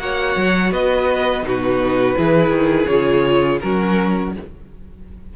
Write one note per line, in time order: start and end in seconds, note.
0.00 0.36 A#3
0.00 1.44 F#4
0.00 0.73 C#5
0.00 0.73 F#5
0.37 0.72 F#3
0.72 1.44 B3
0.72 1.46 B4
0.72 1.46 D#5
1.44 2.16 B2
1.44 2.16 D#4
1.44 2.18 F#4
1.44 2.87 B4
2.17 2.50 E3
2.17 2.89 E4
2.17 3.63 G#4
2.50 2.86 D#3
2.87 3.61 C#3
2.87 3.61 F4
2.87 3.60 C#5
3.61 4.36 F#3
3.61 4.36 C#4
3.61 4.35 F#4
3.61 4.33 A#4